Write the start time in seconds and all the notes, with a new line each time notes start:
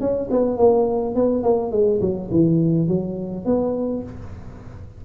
0.00 C#4
0.30 B3
0.57 A#3
1.15 B3
1.43 A#3
1.71 G#3
2.01 F#3
2.31 E3
2.88 F#3
3.45 B3